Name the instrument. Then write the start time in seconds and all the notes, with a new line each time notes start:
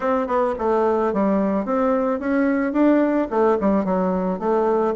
bassoon
0.00 C4
0.27 B3
0.58 A3
1.13 G3
1.65 C4
2.19 C#4
2.72 D4
3.30 A3
3.60 G3
3.85 F#3
4.39 A3